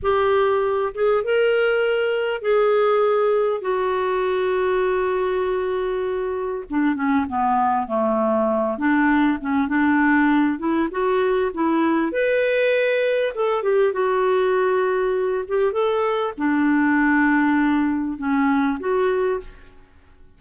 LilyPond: \new Staff \with { instrumentName = "clarinet" } { \time 4/4 \tempo 4 = 99 g'4. gis'8 ais'2 | gis'2 fis'2~ | fis'2. d'8 cis'8 | b4 a4. d'4 cis'8 |
d'4. e'8 fis'4 e'4 | b'2 a'8 g'8 fis'4~ | fis'4. g'8 a'4 d'4~ | d'2 cis'4 fis'4 | }